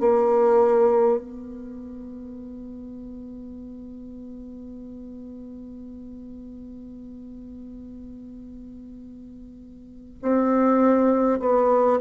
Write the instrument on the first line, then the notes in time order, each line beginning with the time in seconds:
bassoon
0.00 A#3
1.19 B3
10.22 C4
11.39 B3